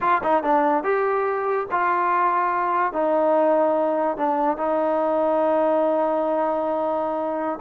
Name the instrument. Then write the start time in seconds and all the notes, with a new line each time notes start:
trombone
0.00 F4
0.23 D#4
0.43 D4
0.83 G4
1.71 F4
2.92 D#4
4.17 D4
4.57 D#4